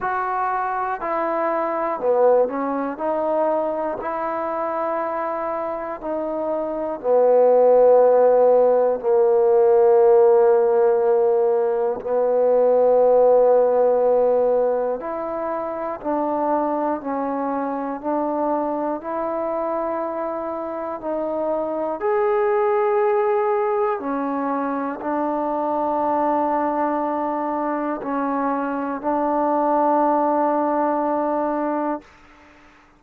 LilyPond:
\new Staff \with { instrumentName = "trombone" } { \time 4/4 \tempo 4 = 60 fis'4 e'4 b8 cis'8 dis'4 | e'2 dis'4 b4~ | b4 ais2. | b2. e'4 |
d'4 cis'4 d'4 e'4~ | e'4 dis'4 gis'2 | cis'4 d'2. | cis'4 d'2. | }